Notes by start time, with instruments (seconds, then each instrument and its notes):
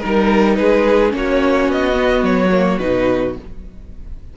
0.00 cello G3, viola D#4, violin A#4
0.56 cello G#3, violin G#4 B4
1.10 cello A#3, viola C#4
1.17 violin F#4 C#5
1.68 cello B3, violin D#5
1.94 viola B3
2.22 cello F#3, violin C#5
2.52 viola A#3
2.79 cello B2, viola D#4, violin B4